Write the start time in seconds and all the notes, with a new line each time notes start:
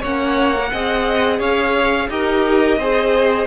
0.00 A#3 C#4 C#5 F#5
0.56 A#4
0.72 C4 G#4 D#5
1.39 C#4 C#5 F5
2.09 D#4 G4 A#4 D#5
2.77 C4 G#4 C5